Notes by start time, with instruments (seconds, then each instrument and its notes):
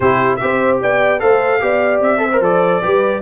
0.00 tuba C3, trombone E4, horn G4, trumpet C5
0.36 trombone G4, horn C5, trumpet E5
0.42 tuba C4
0.81 tuba B3, horn D5, trumpet G5
1.19 tuba A3, trombone A4, horn C5, trumpet F5
1.60 tuba B3, trombone G4, horn D5
2.00 tuba C4, trumpet E5
2.18 trombone A4, horn C5
2.32 trombone A#4
2.40 tuba F3, trombone A4, trumpet D5
2.82 tuba G3, trombone G4, horn B4